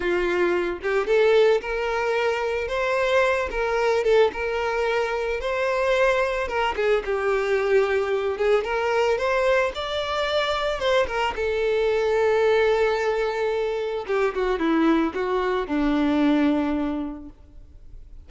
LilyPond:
\new Staff \with { instrumentName = "violin" } { \time 4/4 \tempo 4 = 111 f'4. g'8 a'4 ais'4~ | ais'4 c''4. ais'4 a'8 | ais'2 c''2 | ais'8 gis'8 g'2~ g'8 gis'8 |
ais'4 c''4 d''2 | c''8 ais'8 a'2.~ | a'2 g'8 fis'8 e'4 | fis'4 d'2. | }